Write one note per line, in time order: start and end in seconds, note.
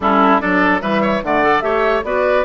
0.00 0.41 G3
0.00 0.40 C#4
0.00 0.41 E4
0.00 0.40 A4
0.40 0.82 F#3
0.40 0.80 D4
0.40 0.81 A4
0.40 0.81 D5
0.80 1.22 E3
0.80 1.20 G3
0.80 1.02 B4
0.80 1.22 E5
1.02 1.22 C#5
1.22 1.62 D3
1.22 1.42 A3
1.22 1.63 D5
1.22 1.60 F#5
1.42 1.62 A4
1.60 2.03 A3
1.60 2.03 G4
1.60 2.04 C#5
1.60 2.01 E5
2.03 2.44 B3
2.03 2.45 F#4
2.03 2.45 B4
2.03 2.45 D5